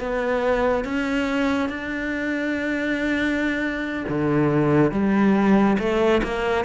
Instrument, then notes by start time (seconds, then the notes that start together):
cello
0.00 B3
0.85 C#4
1.70 D4
4.09 D3
4.92 G3
5.79 A3
6.24 A#3